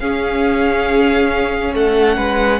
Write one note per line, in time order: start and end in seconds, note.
0.00 2.60 C#4
0.00 1.74 C#4
0.00 1.75 G#4
0.00 1.74 F5
1.74 2.18 A3
1.74 2.17 A4
1.74 2.60 F#5
2.17 2.60 G#3
2.17 2.60 B4